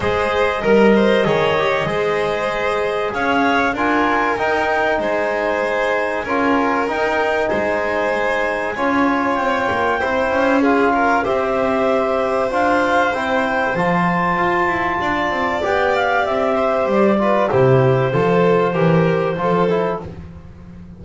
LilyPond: <<
  \new Staff \with { instrumentName = "clarinet" } { \time 4/4 \tempo 4 = 96 dis''1~ | dis''4 f''4 gis''4 g''4 | gis''2. g''4 | gis''2. g''4~ |
g''4 f''4 e''2 | f''4 g''4 a''2~ | a''4 g''8 f''8 e''4 d''4 | c''1 | }
  \new Staff \with { instrumentName = "violin" } { \time 4/4 c''4 ais'8 c''8 cis''4 c''4~ | c''4 cis''4 ais'2 | c''2 ais'2 | c''2 cis''2 |
c''4 gis'8 ais'8 c''2~ | c''1 | d''2~ d''8 c''4 b'8 | g'4 a'4 ais'4 a'4 | }
  \new Staff \with { instrumentName = "trombone" } { \time 4/4 gis'4 ais'4 gis'8 g'8 gis'4~ | gis'2 f'4 dis'4~ | dis'2 f'4 dis'4~ | dis'2 f'2 |
e'4 f'4 g'2 | f'4 e'4 f'2~ | f'4 g'2~ g'8 f'8 | e'4 f'4 g'4 f'8 e'8 | }
  \new Staff \with { instrumentName = "double bass" } { \time 4/4 gis4 g4 dis4 gis4~ | gis4 cis'4 d'4 dis'4 | gis2 cis'4 dis'4 | gis2 cis'4 c'8 ais8 |
c'8 cis'4. c'2 | d'4 c'4 f4 f'8 e'8 | d'8 c'8 b4 c'4 g4 | c4 f4 e4 f4 | }
>>